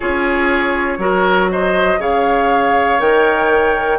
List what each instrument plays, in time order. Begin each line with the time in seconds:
0.00 bassoon C#4, clarinet F4, oboe G#4, flute C#5
0.98 bassoon F#3, clarinet F#4, oboe A#4
1.51 oboe C5, flute D#5
1.99 bassoon C#3, clarinet G#4, oboe C#5, flute F5
2.99 bassoon D#3, clarinet A#4, flute G5